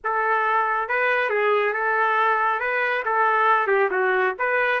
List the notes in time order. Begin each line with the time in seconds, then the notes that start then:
0.04 A4
0.88 B4
1.29 G#4
1.73 A4
2.59 B4
3.05 A4
3.67 G4
3.90 F#4
4.38 B4